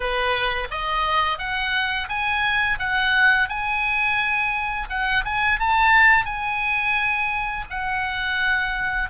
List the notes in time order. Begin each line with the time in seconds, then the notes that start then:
0.00 B4
0.70 D#5
1.38 F#5
2.08 G#5
2.79 F#5
3.49 G#5
4.89 F#5
5.25 G#5
5.59 A5
6.25 G#5
7.69 F#5